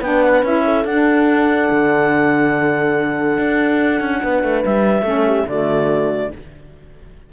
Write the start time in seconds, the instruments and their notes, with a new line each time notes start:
0.00 cello B3, saxophone D4, horn B4, clarinet G5
0.23 clarinet F#5
0.42 cello C#4, saxophone E4, clarinet E5
0.64 horn A4
0.84 cello D4, saxophone D4, clarinet F#5
1.71 cello D3
3.38 cello D4
4.01 cello C#4
4.22 cello B3, horn B4
4.43 cello A3
4.65 cello G3, clarinet E5
5.02 cello A3, saxophone C#4, horn A4
5.26 horn G4
5.47 cello D3, saxophone A3, horn F#4, clarinet D5